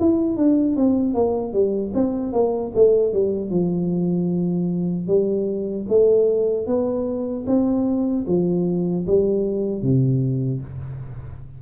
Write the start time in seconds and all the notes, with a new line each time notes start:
0.00 E4
0.37 D4
0.76 C4
1.14 A#3
1.53 G3
1.94 C4
2.33 A#3
2.75 A3
3.13 G3
3.50 F3
5.07 G3
5.89 A3
6.67 B3
7.46 C4
8.27 F3
9.07 G3
9.83 C3